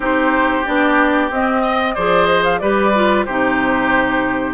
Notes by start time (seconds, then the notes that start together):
0.00 C4 D#4 G4 C5
0.65 B3 D4 D5
1.30 C4 D#5
1.62 D#5
1.95 F3 G#4 C5 D5
2.26 D#5
2.44 F5
2.58 G3 G4 B4 D5
2.94 F4
3.24 C3 D#4 G4 C5